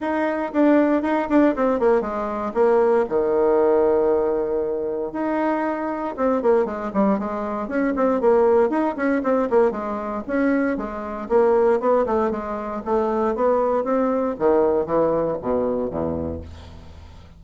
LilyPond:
\new Staff \with { instrumentName = "bassoon" } { \time 4/4 \tempo 4 = 117 dis'4 d'4 dis'8 d'8 c'8 ais8 | gis4 ais4 dis2~ | dis2 dis'2 | c'8 ais8 gis8 g8 gis4 cis'8 c'8 |
ais4 dis'8 cis'8 c'8 ais8 gis4 | cis'4 gis4 ais4 b8 a8 | gis4 a4 b4 c'4 | dis4 e4 b,4 e,4 | }